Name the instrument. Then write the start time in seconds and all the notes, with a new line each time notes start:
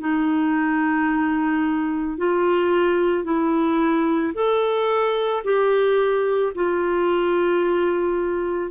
clarinet
0.00 D#4
2.18 F4
3.24 E4
4.34 A4
5.44 G4
6.55 F4